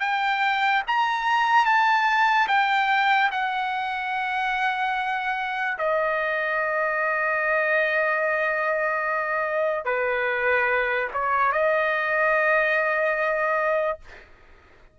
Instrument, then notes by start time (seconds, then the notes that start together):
trumpet
0.00 G5
0.87 A#5
1.65 A5
2.47 G5
3.31 F#5
5.78 D#5
9.85 B4
11.13 C#5
11.52 D#5